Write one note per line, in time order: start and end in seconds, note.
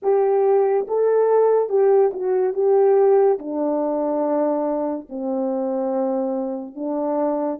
0.02 0.86 G4
0.87 1.69 A4
1.69 2.11 G4
2.13 2.54 F#4
2.54 3.38 G4
3.38 5.07 D4
5.09 6.75 C4
6.75 7.59 D4